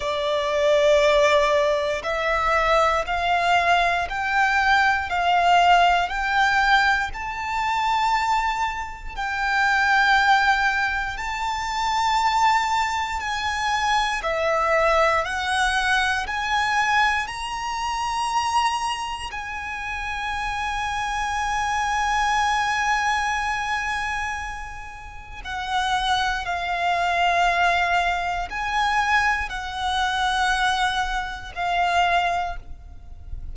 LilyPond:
\new Staff \with { instrumentName = "violin" } { \time 4/4 \tempo 4 = 59 d''2 e''4 f''4 | g''4 f''4 g''4 a''4~ | a''4 g''2 a''4~ | a''4 gis''4 e''4 fis''4 |
gis''4 ais''2 gis''4~ | gis''1~ | gis''4 fis''4 f''2 | gis''4 fis''2 f''4 | }